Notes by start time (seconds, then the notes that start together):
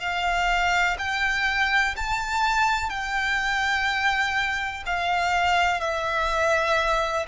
0.00 F5
0.98 G5
1.96 A5
2.90 G5
4.86 F5
5.80 E5